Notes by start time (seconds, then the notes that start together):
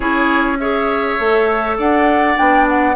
0.00 C#4 E4 G#4 C#5
0.59 G#4 C#5 E5
1.19 A3 A4
1.77 D4 D5 F#5
2.35 B3 D4 G5
2.68 F#5